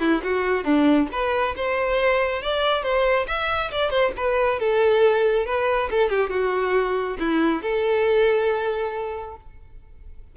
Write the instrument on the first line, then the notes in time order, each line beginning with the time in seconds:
violin
0.00 E4
0.23 F#4
0.64 D4
1.12 B4
1.56 C5
2.42 D5
2.83 C5
3.28 E5
3.72 D5
3.90 C5
4.17 B4
4.59 A4
5.46 B4
5.91 A4
6.09 G4
6.30 F#4
7.19 E4
7.62 A4